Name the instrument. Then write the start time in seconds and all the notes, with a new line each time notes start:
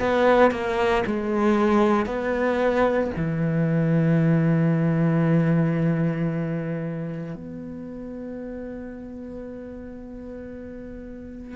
cello
0.00 B3
0.51 A#3
1.07 G#3
2.06 B3
3.17 E3
7.35 B3